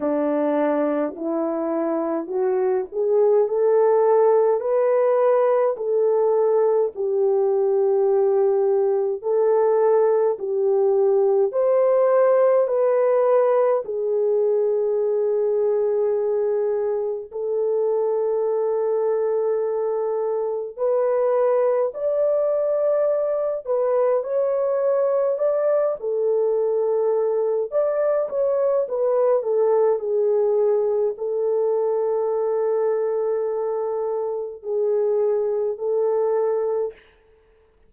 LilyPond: \new Staff \with { instrumentName = "horn" } { \time 4/4 \tempo 4 = 52 d'4 e'4 fis'8 gis'8 a'4 | b'4 a'4 g'2 | a'4 g'4 c''4 b'4 | gis'2. a'4~ |
a'2 b'4 d''4~ | d''8 b'8 cis''4 d''8 a'4. | d''8 cis''8 b'8 a'8 gis'4 a'4~ | a'2 gis'4 a'4 | }